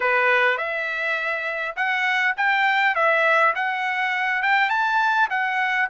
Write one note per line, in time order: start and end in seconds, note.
0.00 0.57 B4
0.57 1.75 E5
1.75 2.34 F#5
2.36 2.95 G5
2.95 3.54 E5
3.55 4.42 F#5
4.42 4.69 G5
4.69 5.28 A5
5.29 5.88 F#5